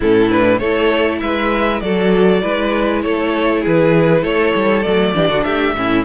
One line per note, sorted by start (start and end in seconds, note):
0.00 0.60 A2
0.00 0.29 C#4
0.00 0.59 E4
0.00 0.30 A4
0.29 0.59 D4
0.29 0.58 B4
0.58 1.21 A3
0.58 1.84 E4
0.58 1.20 A4
0.58 1.18 C#5
1.20 1.81 G#3
1.20 1.82 B4
1.20 1.80 E5
1.80 2.42 F#3
1.80 2.42 F#4
1.80 2.42 A4
1.80 3.01 D5
2.42 3.04 G#3
2.42 4.84 E4
2.42 3.03 B4
3.02 3.65 A3
3.02 3.61 A4
3.02 3.62 C#5
3.61 4.23 E3
3.61 4.21 G#4
3.61 4.24 B4
4.21 4.53 A3
4.21 5.12 A4
4.21 4.83 C#5
4.55 4.85 G3
4.83 5.14 F#3
4.83 5.14 A3
4.83 5.43 D5
5.14 5.28 E3
5.14 5.74 D4
5.14 5.28 G4
5.28 5.44 D3
5.28 5.43 F#4
5.43 5.74 A3
5.43 5.75 G4
5.43 6.04 E5
5.74 6.05 A2
5.74 6.05 C#4
5.74 6.05 E4